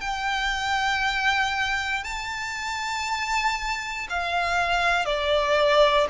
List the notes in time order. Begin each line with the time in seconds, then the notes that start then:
0.00 G5
2.03 A5
4.09 F5
5.05 D5